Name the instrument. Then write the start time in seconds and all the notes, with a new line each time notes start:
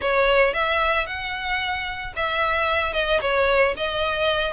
violin
0.01 C#5
0.53 E5
1.06 F#5
2.16 E5
2.93 D#5
3.21 C#5
3.76 D#5